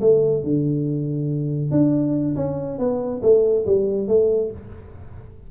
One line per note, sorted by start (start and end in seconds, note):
0.00 0.43 A3
0.43 1.71 D3
1.71 2.35 D4
2.35 2.78 C#4
2.78 3.21 B3
3.22 3.65 A3
3.66 4.08 G3
4.08 4.50 A3